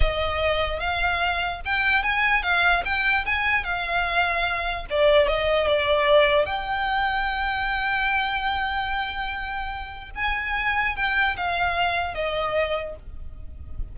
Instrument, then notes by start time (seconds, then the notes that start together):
violin
0.00 D#5
0.79 F5
1.65 G5
2.03 G#5
2.42 F5
2.84 G5
3.25 G#5
3.64 F5
4.89 D5
5.27 D#5
5.67 D5
6.45 G5
10.15 G#5
10.96 G5
11.36 F5
12.14 D#5